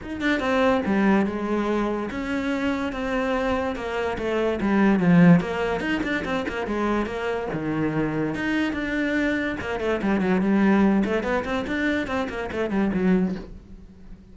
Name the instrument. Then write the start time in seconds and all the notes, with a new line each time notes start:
cello
0.02 D#4
0.20 D4
0.40 C4
0.85 G3
1.26 G#3
2.10 C#4
2.92 C4
3.75 A#3
4.18 A3
4.60 G3
4.99 F3
5.40 A#3
5.80 D#4
6.03 D4
6.24 C4
6.48 A#3
6.66 G#3
7.06 A#3
7.52 D#3
8.34 D#4
8.72 D4
9.60 A#3
9.80 A3
10.02 G3
10.21 F#3
10.41 G3
11.04 A3
11.23 B3
11.44 C4
11.67 D4
12.07 C4
12.29 A#3
12.52 A3
12.70 G3
12.93 F#3